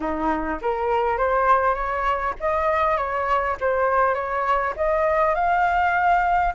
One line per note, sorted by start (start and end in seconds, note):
0.00 0.59 D#4
0.61 1.17 A#4
1.17 1.74 C5
1.74 2.33 C#5
2.40 2.97 D#5
2.97 3.56 C#5
3.60 4.14 C5
4.14 4.73 C#5
4.76 5.34 D#5
5.34 6.53 F5